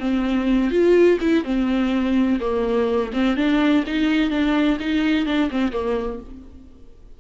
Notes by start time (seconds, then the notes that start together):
0.00 C4
0.71 F4
1.21 E4
1.44 C4
2.40 A#3
3.13 C4
3.37 D4
3.87 D#4
4.30 D4
4.80 D#4
5.26 D4
5.51 C4
5.72 A#3